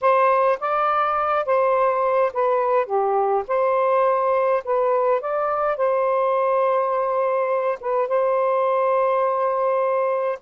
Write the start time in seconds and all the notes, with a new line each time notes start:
0.01 C5
0.60 D5
1.45 C5
2.33 B4
2.86 G4
3.47 C5
4.64 B4
5.21 D5
5.76 C5
7.80 B4
8.08 C5